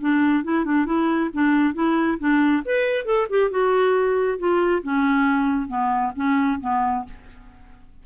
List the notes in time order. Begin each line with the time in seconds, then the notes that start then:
0.00 D4
0.44 E4
0.64 D4
0.85 E4
1.33 D4
1.74 E4
2.19 D4
2.65 B4
3.05 A4
3.29 G4
3.50 F#4
4.38 F4
4.82 C#4
5.68 B3
6.15 C#4
6.60 B3